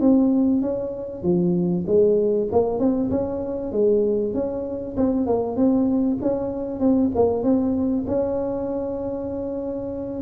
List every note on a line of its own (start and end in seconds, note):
0.00 0.62 C4
0.62 1.23 C#4
1.23 1.84 F3
1.86 2.48 G#3
2.52 2.79 A#3
2.79 3.10 C4
3.10 3.72 C#4
3.72 4.34 G#3
4.34 4.96 C#4
4.97 5.26 C4
5.26 5.56 A#3
5.56 6.18 C4
6.21 6.80 C#4
6.80 7.10 C4
7.15 7.43 A#3
7.43 8.05 C4
8.07 10.22 C#4